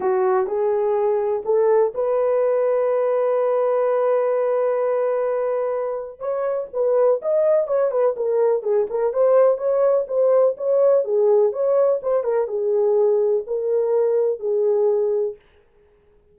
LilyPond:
\new Staff \with { instrumentName = "horn" } { \time 4/4 \tempo 4 = 125 fis'4 gis'2 a'4 | b'1~ | b'1~ | b'4 cis''4 b'4 dis''4 |
cis''8 b'8 ais'4 gis'8 ais'8 c''4 | cis''4 c''4 cis''4 gis'4 | cis''4 c''8 ais'8 gis'2 | ais'2 gis'2 | }